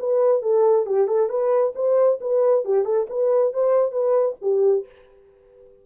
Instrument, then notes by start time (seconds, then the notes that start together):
horn
0.00 B4
0.42 A4
0.86 G4
1.08 A4
1.29 B4
1.76 C5
2.21 B4
2.65 G4
2.85 A4
3.10 B4
3.53 C5
3.92 B4
4.42 G4